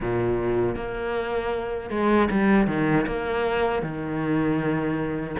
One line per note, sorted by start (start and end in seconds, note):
0.00 0.75 A#2
0.75 1.90 A#3
1.90 2.28 G#3
2.30 2.67 G3
2.67 3.06 D#3
3.06 3.82 A#3
3.82 5.36 D#3